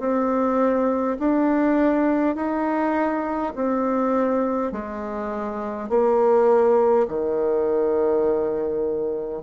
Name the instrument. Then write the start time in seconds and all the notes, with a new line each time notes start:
bassoon
0.00 C4
1.19 D4
2.36 D#4
3.56 C4
4.72 G#3
5.89 A#3
7.08 D#3